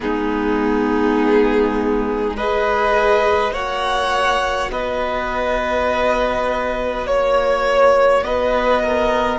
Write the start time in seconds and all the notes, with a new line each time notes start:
0.00 G#3 B3 D#4 G#4
2.36 G#4 B4 D#5
3.51 A#3 F#4 C#5 F#5
4.70 B3 B4 D#5
7.04 A#3 C#5
8.22 B3 B4 D#5
8.82 A#4